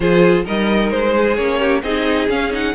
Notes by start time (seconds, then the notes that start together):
0.00 F3 F4 G#4 C5
0.44 G3 D#4 A#4 D#5
0.90 G#3 C5
1.16 G#4
1.36 A#3 C#4 C#5
1.59 G4
1.82 C4 D#4 G#4 D#5
2.28 C#4 F5
2.51 D#4 F#5